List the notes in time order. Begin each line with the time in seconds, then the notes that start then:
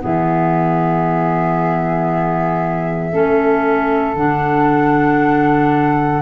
0.00 E3 B3 G#4 E5
3.12 A3 C#4 A4
4.14 D3 D4 F#5